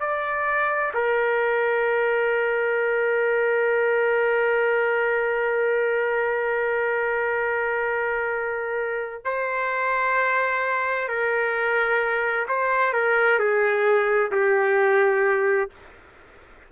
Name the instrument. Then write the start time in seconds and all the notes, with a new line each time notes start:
trumpet
0.00 D5
0.94 A#4
9.24 C5
11.08 A#4
12.48 C5
12.93 A#4
13.39 G#4
14.32 G4